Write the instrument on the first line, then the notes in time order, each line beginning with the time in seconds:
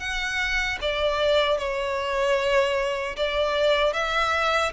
violin
0.00 F#5
0.81 D5
1.59 C#5
3.17 D5
3.94 E5